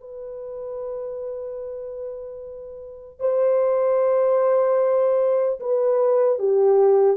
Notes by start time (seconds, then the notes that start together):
0.00 B4
3.20 C5
5.60 B4
6.39 G4